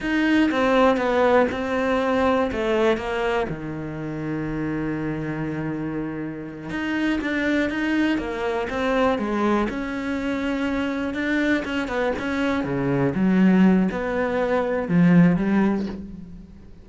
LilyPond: \new Staff \with { instrumentName = "cello" } { \time 4/4 \tempo 4 = 121 dis'4 c'4 b4 c'4~ | c'4 a4 ais4 dis4~ | dis1~ | dis4. dis'4 d'4 dis'8~ |
dis'8 ais4 c'4 gis4 cis'8~ | cis'2~ cis'8 d'4 cis'8 | b8 cis'4 cis4 fis4. | b2 f4 g4 | }